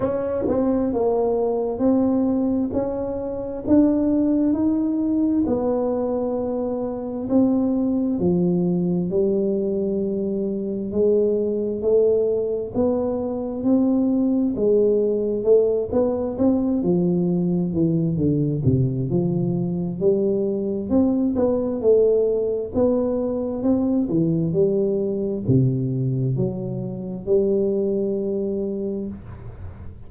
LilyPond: \new Staff \with { instrumentName = "tuba" } { \time 4/4 \tempo 4 = 66 cis'8 c'8 ais4 c'4 cis'4 | d'4 dis'4 b2 | c'4 f4 g2 | gis4 a4 b4 c'4 |
gis4 a8 b8 c'8 f4 e8 | d8 c8 f4 g4 c'8 b8 | a4 b4 c'8 e8 g4 | c4 fis4 g2 | }